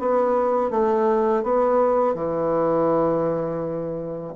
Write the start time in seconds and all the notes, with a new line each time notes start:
0.00 B3
0.71 A3
1.44 B3
2.15 E3